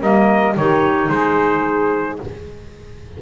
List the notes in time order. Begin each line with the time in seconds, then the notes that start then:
0.00 G3 A#3 A#4 D#5
0.57 D#3 D#4 G4 C#5
1.10 G#3 G#4 C5